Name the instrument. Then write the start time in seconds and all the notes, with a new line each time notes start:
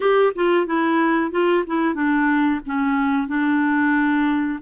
clarinet
0.00 G4
0.35 F4
0.66 E4
1.31 F4
1.66 E4
1.94 D4
2.66 C#4
3.27 D4